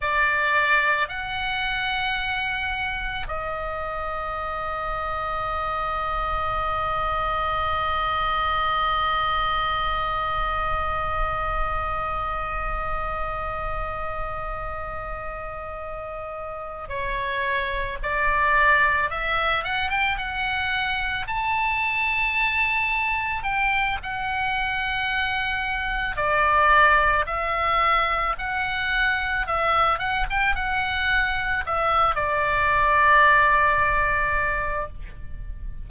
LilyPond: \new Staff \with { instrumentName = "oboe" } { \time 4/4 \tempo 4 = 55 d''4 fis''2 dis''4~ | dis''1~ | dis''1~ | dis''2.~ dis''8 cis''8~ |
cis''8 d''4 e''8 fis''16 g''16 fis''4 a''8~ | a''4. g''8 fis''2 | d''4 e''4 fis''4 e''8 fis''16 g''16 | fis''4 e''8 d''2~ d''8 | }